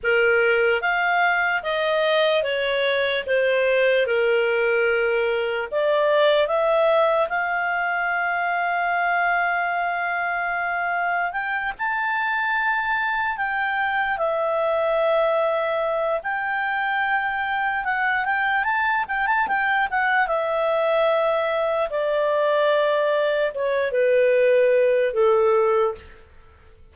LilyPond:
\new Staff \with { instrumentName = "clarinet" } { \time 4/4 \tempo 4 = 74 ais'4 f''4 dis''4 cis''4 | c''4 ais'2 d''4 | e''4 f''2.~ | f''2 g''8 a''4.~ |
a''8 g''4 e''2~ e''8 | g''2 fis''8 g''8 a''8 g''16 a''16 | g''8 fis''8 e''2 d''4~ | d''4 cis''8 b'4. a'4 | }